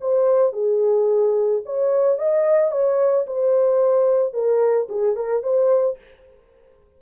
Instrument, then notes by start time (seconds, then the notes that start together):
horn
0.00 C5
0.52 G#4
1.65 C#5
2.18 D#5
2.71 C#5
3.26 C5
4.33 A#4
4.88 G#4
5.15 A#4
5.43 C5